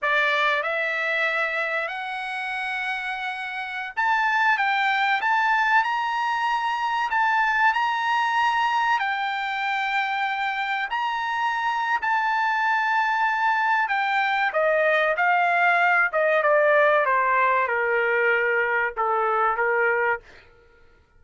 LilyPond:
\new Staff \with { instrumentName = "trumpet" } { \time 4/4 \tempo 4 = 95 d''4 e''2 fis''4~ | fis''2~ fis''16 a''4 g''8.~ | g''16 a''4 ais''2 a''8.~ | a''16 ais''2 g''4.~ g''16~ |
g''4~ g''16 ais''4.~ ais''16 a''4~ | a''2 g''4 dis''4 | f''4. dis''8 d''4 c''4 | ais'2 a'4 ais'4 | }